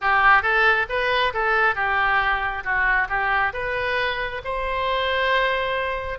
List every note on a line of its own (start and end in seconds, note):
0.01 0.42 G4
0.42 0.86 A4
0.89 1.33 B4
1.33 1.75 A4
1.75 2.63 G4
2.64 3.08 F#4
3.08 3.52 G4
3.53 4.41 B4
4.44 6.18 C5